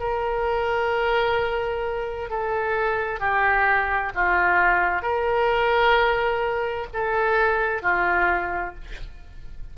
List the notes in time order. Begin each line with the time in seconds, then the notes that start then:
0.00 A#4
2.30 A4
3.20 G4
4.15 F4
5.03 A#4
6.94 A4
7.83 F4